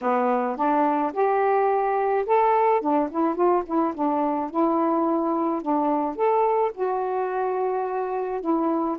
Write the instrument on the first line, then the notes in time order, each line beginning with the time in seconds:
saxophone
0.01 B3
0.56 D4
1.13 G4
2.26 A4
2.81 D4
3.10 E4
3.35 F4
3.66 E4
3.94 D4
4.50 E4
5.62 D4
6.15 A4
6.73 F#4
8.41 E4